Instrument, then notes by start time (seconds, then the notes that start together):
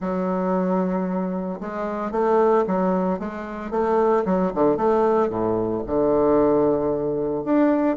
bassoon
0.00 F#3
1.60 G#3
2.11 A3
2.66 F#3
3.19 G#3
3.70 A3
4.25 F#3
4.54 D3
4.76 A3
5.29 A2
5.86 D3
7.44 D4